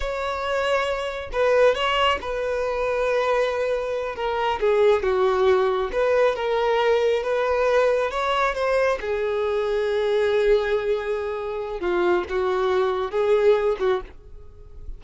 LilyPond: \new Staff \with { instrumentName = "violin" } { \time 4/4 \tempo 4 = 137 cis''2. b'4 | cis''4 b'2.~ | b'4. ais'4 gis'4 fis'8~ | fis'4. b'4 ais'4.~ |
ais'8 b'2 cis''4 c''8~ | c''8 gis'2.~ gis'8~ | gis'2. f'4 | fis'2 gis'4. fis'8 | }